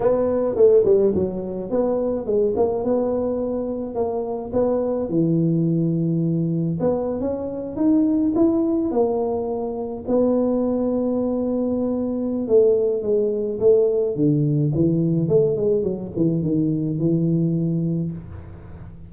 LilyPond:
\new Staff \with { instrumentName = "tuba" } { \time 4/4 \tempo 4 = 106 b4 a8 g8 fis4 b4 | gis8 ais8 b2 ais4 | b4 e2. | b8. cis'4 dis'4 e'4 ais16~ |
ais4.~ ais16 b2~ b16~ | b2 a4 gis4 | a4 d4 e4 a8 gis8 | fis8 e8 dis4 e2 | }